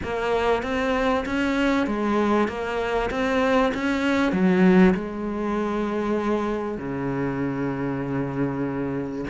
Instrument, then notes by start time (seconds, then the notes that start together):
cello
0.03 A#3
0.62 C4
1.25 C#4
1.86 G#3
2.47 A#3
3.10 C4
3.73 C#4
4.32 F#3
4.94 G#3
6.78 C#3